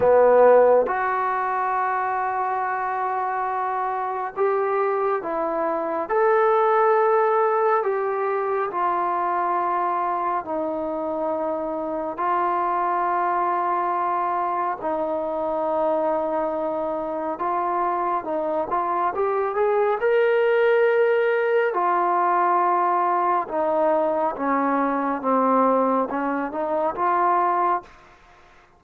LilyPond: \new Staff \with { instrumentName = "trombone" } { \time 4/4 \tempo 4 = 69 b4 fis'2.~ | fis'4 g'4 e'4 a'4~ | a'4 g'4 f'2 | dis'2 f'2~ |
f'4 dis'2. | f'4 dis'8 f'8 g'8 gis'8 ais'4~ | ais'4 f'2 dis'4 | cis'4 c'4 cis'8 dis'8 f'4 | }